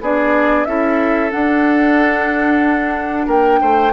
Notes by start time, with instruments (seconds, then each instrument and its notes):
0.00 bassoon B3, clarinet D4, oboe G#4, flute D5
0.65 bassoon C#4, clarinet E4, oboe A4, flute E5
1.30 clarinet D4, bassoon D4, flute F#5
3.26 bassoon A#3, oboe A#4, flute G5
3.60 bassoon A3, oboe C5